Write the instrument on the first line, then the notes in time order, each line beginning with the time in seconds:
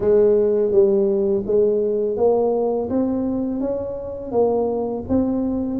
tuba
0.00 G#3
0.71 G3
1.46 G#3
2.17 A#3
2.89 C4
3.60 C#4
4.31 A#3
5.09 C4